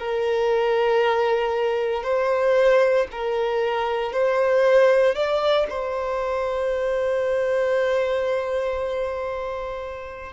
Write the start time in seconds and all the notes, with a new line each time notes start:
0.00 A#4
2.04 C5
3.12 A#4
4.13 C5
5.15 D5
5.70 C5